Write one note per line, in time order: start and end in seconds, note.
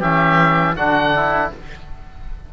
0.00 0.76 E3
0.00 0.77 C#4
0.00 0.75 G4
0.00 0.76 E5
0.76 1.51 D3
0.76 1.52 D4
0.76 1.13 F#4
0.76 1.51 F#5
1.16 1.53 E4